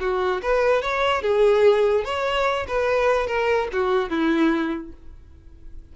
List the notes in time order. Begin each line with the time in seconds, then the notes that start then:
0.00 F#4
0.42 B4
0.82 C#5
1.22 G#4
2.04 C#5
2.67 B4
3.27 A#4
3.72 F#4
4.10 E4